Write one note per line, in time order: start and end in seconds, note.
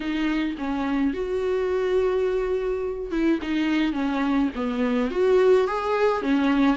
0.00 0.55 D#4
0.58 1.13 C#4
1.13 3.11 F#4
3.11 3.39 E4
3.42 3.93 D#4
3.93 4.49 C#4
4.55 5.10 B3
5.10 5.67 F#4
5.67 6.21 G#4
6.21 6.76 C#4